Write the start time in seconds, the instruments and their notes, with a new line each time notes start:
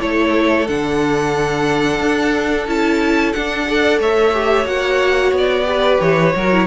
0.00 cello A3, viola E4, violin A4 C#5
0.67 cello D3, viola D4, violin F#5
2.00 cello D4
2.67 cello C#4, viola E4, violin A5
3.33 viola D4, cello D4, violin F#5
3.66 viola A4, violin D5
3.99 cello A3, violin C#5 E5
4.34 viola G4
4.65 cello A#3, viola F#4, violin F#5
5.32 cello B3, violin D5
5.65 viola G4, violin B4
6.01 cello E3, violin C#5
6.35 cello F#3, viola F#4, violin A#4
6.53 viola E4